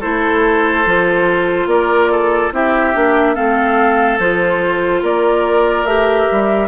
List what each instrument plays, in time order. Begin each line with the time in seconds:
0.00 bassoon A3, clarinet E4, oboe A4, flute C5
0.86 bassoon F3, clarinet F4
1.66 bassoon A#3, oboe A#4, flute D5
2.11 oboe A4
2.52 bassoon C4, clarinet E4, oboe G4, flute E5
2.94 bassoon A#3, clarinet D4
3.34 bassoon A3, clarinet C4, oboe A4, flute F5
4.19 bassoon F3, clarinet F4, flute C5
5.02 bassoon A#3, oboe A#4, flute D5
5.84 bassoon A3, clarinet G4, flute E5
6.31 bassoon G3